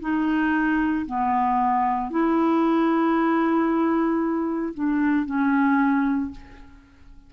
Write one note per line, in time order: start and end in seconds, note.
0.00 1.05 D#4
1.06 2.10 B3
2.10 4.73 E4
4.74 5.25 D4
5.25 6.31 C#4